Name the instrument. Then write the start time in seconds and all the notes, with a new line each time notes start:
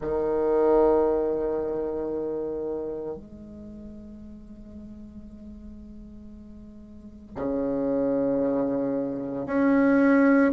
bassoon
0.00 D#3
3.16 G#3
7.35 C#3
9.46 C#4